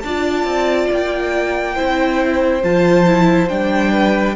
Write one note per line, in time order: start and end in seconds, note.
0.00 0.45 D4
0.00 1.75 F4
0.00 1.75 D5
0.00 0.87 A5
0.45 0.88 C4
0.92 1.79 A#3
0.92 2.64 G5
1.75 2.63 C4
1.75 2.62 E4
1.75 3.92 C5
2.63 3.50 F3
2.63 3.07 F4
2.63 3.49 A5
3.07 3.49 E4
3.49 4.36 G3
3.49 4.36 D4
3.49 4.36 G5
3.92 4.35 B4